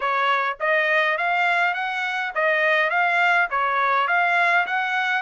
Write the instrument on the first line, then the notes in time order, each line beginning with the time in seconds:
trumpet
0.00 C#5
0.60 D#5
1.17 F5
1.74 F#5
2.35 D#5
2.90 F5
3.50 C#5
4.07 F5
4.66 F#5